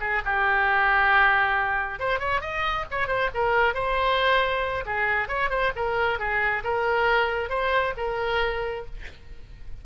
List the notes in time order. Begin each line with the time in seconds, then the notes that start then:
0.00 G#4
0.25 G4
1.99 C5
2.19 C#5
2.41 D#5
2.91 C#5
3.07 C5
3.34 A#4
3.74 C5
4.85 G#4
5.28 C#5
5.50 C5
5.76 A#4
6.19 G#4
6.64 A#4
7.49 C5
7.97 A#4